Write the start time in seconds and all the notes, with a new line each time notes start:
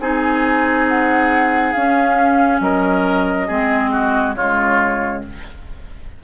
0.00 C4 D#4 G#4 G#5
0.88 F#5
1.73 C#4 F5
2.60 F#3 A#4 D#5
3.47 G#3 C4 G#4
3.92 F#4
4.35 C#3 G#3 F4 C#5